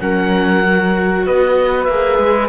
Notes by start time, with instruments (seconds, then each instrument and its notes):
0.00 cello F#3, viola C#4, flute A#4, oboe F#5
0.62 viola F#4
1.26 cello B3, flute B4, oboe D#5
1.84 cello A#3, viola G#4, oboe E5
2.18 cello G#3